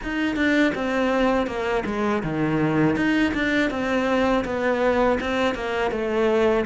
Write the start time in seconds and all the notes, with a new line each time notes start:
0.03 D#4
0.35 D4
0.74 C4
1.46 A#3
1.85 G#3
2.23 D#3
2.96 D#4
3.33 D4
3.70 C4
4.44 B3
5.20 C4
5.55 A#3
5.91 A3